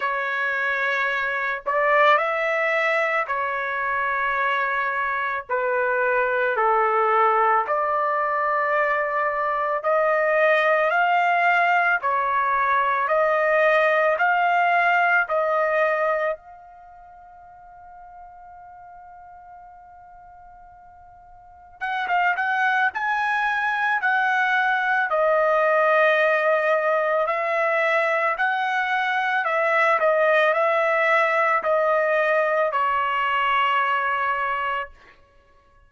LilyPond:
\new Staff \with { instrumentName = "trumpet" } { \time 4/4 \tempo 4 = 55 cis''4. d''8 e''4 cis''4~ | cis''4 b'4 a'4 d''4~ | d''4 dis''4 f''4 cis''4 | dis''4 f''4 dis''4 f''4~ |
f''1 | fis''16 f''16 fis''8 gis''4 fis''4 dis''4~ | dis''4 e''4 fis''4 e''8 dis''8 | e''4 dis''4 cis''2 | }